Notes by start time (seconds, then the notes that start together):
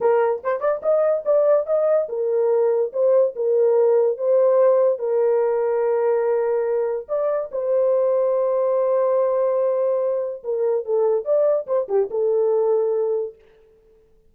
0.00 A#4
0.43 C5
0.60 D5
0.82 D#5
1.25 D5
1.66 D#5
2.08 A#4
2.92 C5
3.35 A#4
4.17 C5
4.98 A#4
7.08 D5
7.51 C5
10.43 A#4
10.85 A4
11.24 D5
11.66 C5
11.88 G4
12.10 A4